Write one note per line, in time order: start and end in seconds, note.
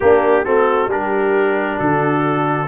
0.00 0.45 A#3
0.00 0.45 D4
0.00 0.44 G4
0.45 0.87 A3
0.45 0.89 C4
0.45 0.89 F#4
0.45 0.89 A4
0.87 1.76 G3
0.87 2.67 D4
0.87 1.76 G4
0.87 1.79 A#4
1.76 2.67 D3
1.76 2.66 F#4
1.76 2.67 A4